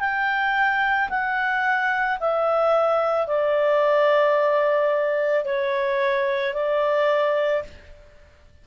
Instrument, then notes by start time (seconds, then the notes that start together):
clarinet
0.00 G5
1.10 F#5
2.20 E5
3.27 D5
5.45 C#5
6.54 D5